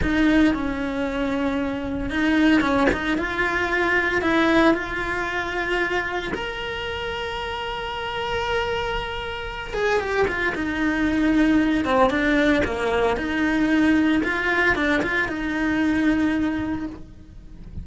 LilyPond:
\new Staff \with { instrumentName = "cello" } { \time 4/4 \tempo 4 = 114 dis'4 cis'2. | dis'4 cis'8 dis'8 f'2 | e'4 f'2. | ais'1~ |
ais'2~ ais'8 gis'8 g'8 f'8 | dis'2~ dis'8 c'8 d'4 | ais4 dis'2 f'4 | d'8 f'8 dis'2. | }